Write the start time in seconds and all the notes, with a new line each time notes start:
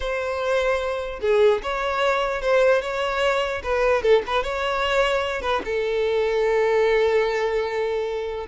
0.00 C5
1.21 G#4
1.62 C#5
2.41 C5
2.81 C#5
3.63 B4
4.02 A4
4.26 B4
4.43 C#5
5.41 B4
5.64 A4